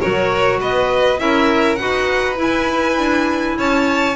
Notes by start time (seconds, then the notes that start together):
0.00 F#3 F#4 A#4 C#5
0.61 B3 B4 D#5
1.18 C#4 E4 A#4 E5
1.76 D#4 F#4 B4 F#5
2.36 E4
2.42 G#5
2.98 D4
3.58 C#4 C#5 A5